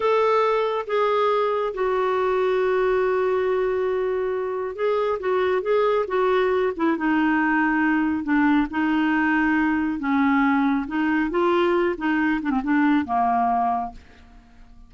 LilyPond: \new Staff \with { instrumentName = "clarinet" } { \time 4/4 \tempo 4 = 138 a'2 gis'2 | fis'1~ | fis'2. gis'4 | fis'4 gis'4 fis'4. e'8 |
dis'2. d'4 | dis'2. cis'4~ | cis'4 dis'4 f'4. dis'8~ | dis'8 d'16 c'16 d'4 ais2 | }